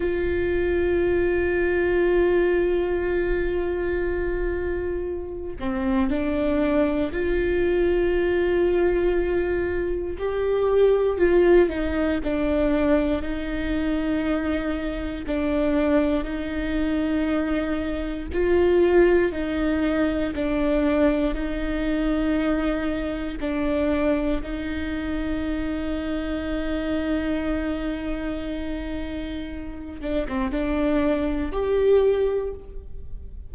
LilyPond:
\new Staff \with { instrumentName = "viola" } { \time 4/4 \tempo 4 = 59 f'1~ | f'4. c'8 d'4 f'4~ | f'2 g'4 f'8 dis'8 | d'4 dis'2 d'4 |
dis'2 f'4 dis'4 | d'4 dis'2 d'4 | dis'1~ | dis'4. d'16 c'16 d'4 g'4 | }